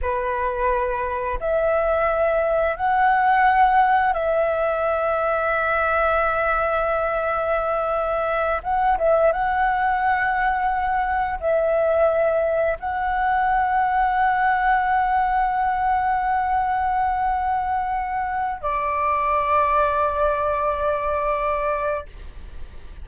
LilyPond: \new Staff \with { instrumentName = "flute" } { \time 4/4 \tempo 4 = 87 b'2 e''2 | fis''2 e''2~ | e''1~ | e''8 fis''8 e''8 fis''2~ fis''8~ |
fis''8 e''2 fis''4.~ | fis''1~ | fis''2. d''4~ | d''1 | }